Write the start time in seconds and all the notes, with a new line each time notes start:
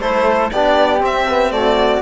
0.00 A3 E4 A4 C5
0.52 B3 D4 G4 D5
1.00 C4 E5
1.30 B3
1.51 A3 F#4 D5